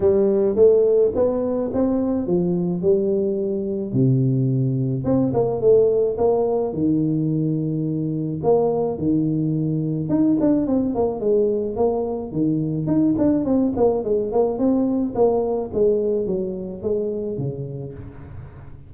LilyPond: \new Staff \with { instrumentName = "tuba" } { \time 4/4 \tempo 4 = 107 g4 a4 b4 c'4 | f4 g2 c4~ | c4 c'8 ais8 a4 ais4 | dis2. ais4 |
dis2 dis'8 d'8 c'8 ais8 | gis4 ais4 dis4 dis'8 d'8 | c'8 ais8 gis8 ais8 c'4 ais4 | gis4 fis4 gis4 cis4 | }